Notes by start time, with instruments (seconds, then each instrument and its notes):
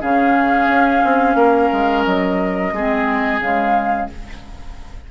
0.00 bassoon C#3, clarinet C#4, oboe G#4, flute F5
0.67 bassoon C#4
1.04 bassoon C4
1.35 bassoon A#3, oboe A#4
1.72 bassoon G#3
2.04 bassoon F#3, flute D#5
2.71 bassoon G#3, clarinet C4, oboe G#4
3.39 bassoon C#3, clarinet G#3, flute F5